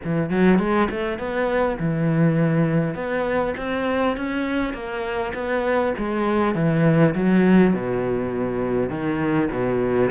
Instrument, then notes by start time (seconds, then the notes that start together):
cello
0.04 E3
0.30 F#3
0.58 G#3
0.90 A3
1.18 B3
1.79 E3
2.95 B3
3.57 C4
4.16 C#4
4.73 A#3
5.34 B3
5.98 G#3
6.55 E3
7.14 F#3
7.73 B2
8.89 D#3
9.50 B2